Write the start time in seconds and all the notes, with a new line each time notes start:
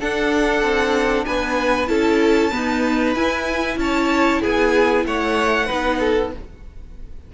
0.00 D4 A4 F#5
0.63 C4
1.26 B3 B4 G#5
1.88 C#4 E4 A4 A5
2.51 B3 D#4 B4
3.15 E4 G#5
3.77 C#4 C#5 A5
4.42 B3 G#4 G#5
5.06 A3 C#5 F#5
5.67 B3 D#4 B4
6.00 A4